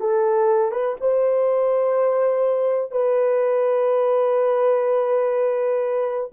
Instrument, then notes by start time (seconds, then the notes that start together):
horn
0.00 A4
0.71 B4
1.00 C5
2.91 B4